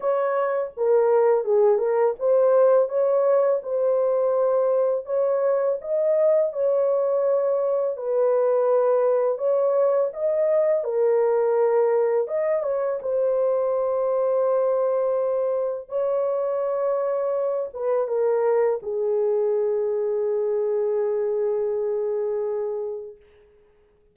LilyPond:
\new Staff \with { instrumentName = "horn" } { \time 4/4 \tempo 4 = 83 cis''4 ais'4 gis'8 ais'8 c''4 | cis''4 c''2 cis''4 | dis''4 cis''2 b'4~ | b'4 cis''4 dis''4 ais'4~ |
ais'4 dis''8 cis''8 c''2~ | c''2 cis''2~ | cis''8 b'8 ais'4 gis'2~ | gis'1 | }